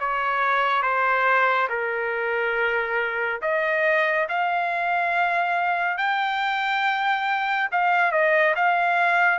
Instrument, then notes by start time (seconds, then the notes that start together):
trumpet
0.00 C#5
0.83 C5
1.69 A#4
3.42 D#5
4.29 F5
5.98 G5
7.72 F5
8.12 D#5
8.56 F5